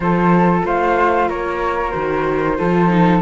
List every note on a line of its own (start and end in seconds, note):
0.00 0.62 F3
0.00 1.90 F4
0.00 0.65 A4
0.00 0.61 C5
0.65 1.29 A3
0.65 1.28 C5
0.65 1.29 F5
1.28 1.94 A#3
1.28 2.57 A#4
1.28 1.90 C#5
1.90 2.59 D#3
1.90 2.55 F#4
1.90 3.19 C5
2.57 3.22 F3
2.57 2.89 F4
2.57 3.22 A4
2.89 3.21 D#4